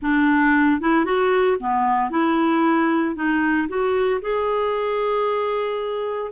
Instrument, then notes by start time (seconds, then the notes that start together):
clarinet
0.01 D4
0.80 E4
1.05 F#4
1.59 B3
2.10 E4
3.15 D#4
3.68 F#4
4.21 G#4